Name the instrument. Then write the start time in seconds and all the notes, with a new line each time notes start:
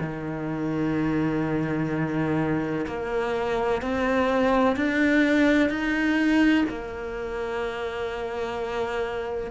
cello
0.00 D#3
2.86 A#3
3.81 C4
4.76 D4
5.69 D#4
6.68 A#3